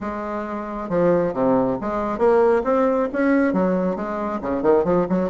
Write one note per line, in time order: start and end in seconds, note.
0.00 0.89 G#3
0.89 1.33 F3
1.33 1.77 C3
1.81 2.18 G#3
2.18 2.62 A#3
2.64 3.08 C4
3.12 3.53 C#4
3.53 3.95 F#3
3.95 4.40 G#3
4.41 4.62 C#3
4.62 4.84 D#3
4.84 5.06 F3
5.09 5.30 F#3